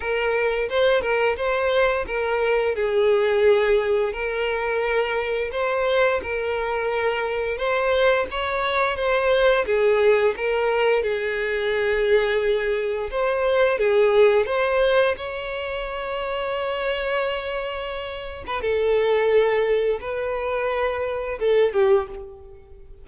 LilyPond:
\new Staff \with { instrumentName = "violin" } { \time 4/4 \tempo 4 = 87 ais'4 c''8 ais'8 c''4 ais'4 | gis'2 ais'2 | c''4 ais'2 c''4 | cis''4 c''4 gis'4 ais'4 |
gis'2. c''4 | gis'4 c''4 cis''2~ | cis''2~ cis''8. b'16 a'4~ | a'4 b'2 a'8 g'8 | }